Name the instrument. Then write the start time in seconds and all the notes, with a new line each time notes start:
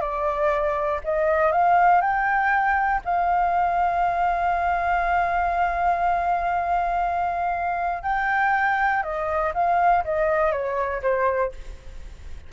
flute
0.00 D5
1.04 D#5
1.52 F5
2.01 G5
3.05 F5
8.03 G5
9.02 D#5
9.54 F5
10.04 D#5
10.51 C#5
11.02 C5